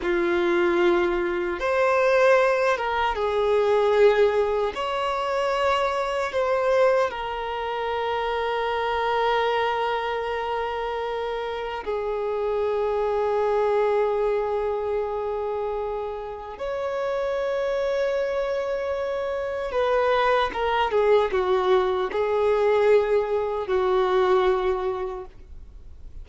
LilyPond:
\new Staff \with { instrumentName = "violin" } { \time 4/4 \tempo 4 = 76 f'2 c''4. ais'8 | gis'2 cis''2 | c''4 ais'2.~ | ais'2. gis'4~ |
gis'1~ | gis'4 cis''2.~ | cis''4 b'4 ais'8 gis'8 fis'4 | gis'2 fis'2 | }